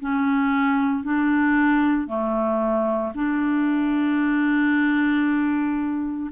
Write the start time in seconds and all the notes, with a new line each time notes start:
0.00 C#4
1.04 D4
2.07 A3
3.14 D4